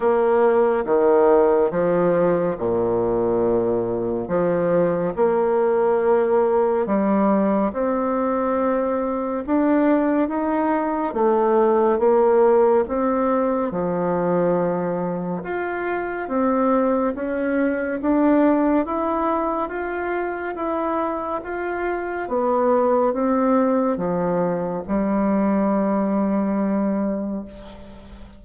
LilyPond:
\new Staff \with { instrumentName = "bassoon" } { \time 4/4 \tempo 4 = 70 ais4 dis4 f4 ais,4~ | ais,4 f4 ais2 | g4 c'2 d'4 | dis'4 a4 ais4 c'4 |
f2 f'4 c'4 | cis'4 d'4 e'4 f'4 | e'4 f'4 b4 c'4 | f4 g2. | }